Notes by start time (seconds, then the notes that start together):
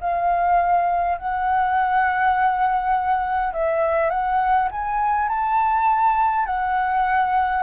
0.00 F5
1.18 F#5
3.53 E5
4.10 F#5
4.71 G#5
5.28 A5
6.46 F#5